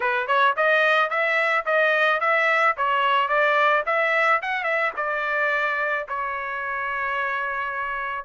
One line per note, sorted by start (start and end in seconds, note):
0.00 0.27 B4
0.27 0.55 C#5
0.56 1.09 D#5
1.09 1.64 E5
1.65 2.20 D#5
2.20 2.75 E5
2.77 3.28 C#5
3.28 3.83 D5
3.86 4.41 E5
4.42 4.63 F#5
4.63 4.91 E5
4.96 6.06 D5
6.08 8.24 C#5